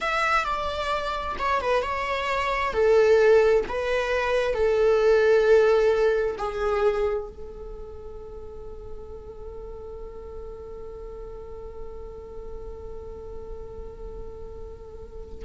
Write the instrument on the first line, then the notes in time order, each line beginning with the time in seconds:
viola
0.00 E5
0.44 D5
1.38 C#5
1.61 B4
1.82 C#5
2.73 A4
3.68 B4
4.54 A4
6.38 G#4
7.29 A4